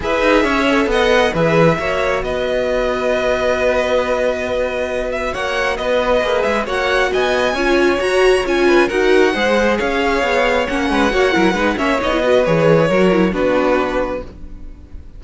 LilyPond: <<
  \new Staff \with { instrumentName = "violin" } { \time 4/4 \tempo 4 = 135 e''2 fis''4 e''4~ | e''4 dis''2.~ | dis''2.~ dis''8 e''8 | fis''4 dis''4. e''8 fis''4 |
gis''2 ais''4 gis''4 | fis''2 f''2 | fis''2~ fis''8 e''8 dis''4 | cis''2 b'2 | }
  \new Staff \with { instrumentName = "violin" } { \time 4/4 b'4 cis''4 dis''4 b'4 | cis''4 b'2.~ | b'1 | cis''4 b'2 cis''4 |
dis''4 cis''2~ cis''8 b'8 | ais'4 c''4 cis''2~ | cis''8 b'8 cis''8 ais'8 b'8 cis''4 b'8~ | b'4 ais'4 fis'2 | }
  \new Staff \with { instrumentName = "viola" } { \time 4/4 gis'4. a'4. gis'4 | fis'1~ | fis'1~ | fis'2 gis'4 fis'4~ |
fis'4 f'4 fis'4 f'4 | fis'4 gis'2. | cis'4 fis'8 e'8 dis'8 cis'8 dis'16 e'16 fis'8 | gis'4 fis'8 e'8 d'2 | }
  \new Staff \with { instrumentName = "cello" } { \time 4/4 e'8 dis'8 cis'4 b4 e4 | ais4 b2.~ | b1 | ais4 b4 ais8 gis8 ais4 |
b4 cis'4 fis'4 cis'4 | dis'4 gis4 cis'4 b4 | ais8 gis8 ais8 fis8 gis8 ais8 b4 | e4 fis4 b2 | }
>>